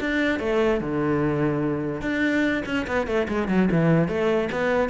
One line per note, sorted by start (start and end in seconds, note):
0.00 0.39 D4
0.39 0.80 A3
0.80 2.01 D3
2.01 2.63 D4
2.65 2.86 C#4
2.87 3.07 B3
3.07 3.27 A3
3.28 3.48 G#3
3.48 3.69 F#3
3.71 4.08 E3
4.08 4.49 A3
4.52 4.89 B3